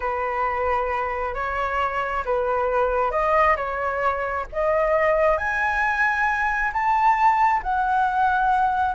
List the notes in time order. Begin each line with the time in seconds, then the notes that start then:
0.00 B4
1.34 C#5
2.25 B4
3.11 D#5
3.56 C#5
4.52 D#5
5.37 G#5
6.72 A5
7.62 F#5